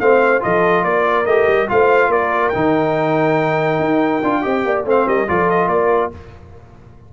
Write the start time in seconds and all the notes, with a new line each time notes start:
0.00 A3 C4 C5 F5
0.40 F3 F4 A4 D#5
0.84 A#3 A#4 D5
1.26 A3 G4 D#5
1.48 G3
1.68 A3 F4 C5 F5
2.08 A#3 A#4 D5
2.49 D#4 G5
2.56 D#3
3.80 D#4
4.23 D4 F4
4.42 C4 G4 D#5
4.65 A#3 D5
4.85 A3 C4 C5 F5
5.08 G3 A#4 D#5
5.28 F3 F4 A4 D5
5.50 D#5
5.68 A#3 A#4 D5